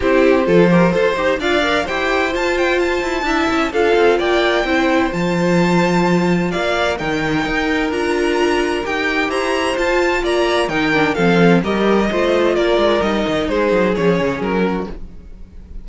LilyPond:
<<
  \new Staff \with { instrumentName = "violin" } { \time 4/4 \tempo 4 = 129 c''2. f''4 | g''4 a''8 g''8 a''2 | f''4 g''2 a''4~ | a''2 f''4 g''4~ |
g''4 ais''2 g''4 | ais''4 a''4 ais''4 g''4 | f''4 dis''2 d''4 | dis''4 c''4 cis''4 ais'4 | }
  \new Staff \with { instrumentName = "violin" } { \time 4/4 g'4 a'8 ais'8 c''4 d''4 | c''2. e''4 | a'4 d''4 c''2~ | c''2 d''4 ais'4~ |
ais'1 | c''2 d''4 ais'4 | a'4 ais'4 c''4 ais'4~ | ais'4 gis'2~ gis'8 fis'8 | }
  \new Staff \with { instrumentName = "viola" } { \time 4/4 e'4 f'8 g'8 a'8 g'8 f'8 ais'8 | g'4 f'2 e'4 | f'2 e'4 f'4~ | f'2. dis'4~ |
dis'4 f'2 g'4~ | g'4 f'2 dis'8 d'8 | c'4 g'4 f'2 | dis'2 cis'2 | }
  \new Staff \with { instrumentName = "cello" } { \time 4/4 c'4 f4 f'8 dis'8 d'4 | e'4 f'4. e'8 d'8 cis'8 | d'8 c'8 ais4 c'4 f4~ | f2 ais4 dis4 |
dis'4 d'2 dis'4 | e'4 f'4 ais4 dis4 | f4 g4 a4 ais8 gis8 | g8 dis8 gis8 fis8 f8 cis8 fis4 | }
>>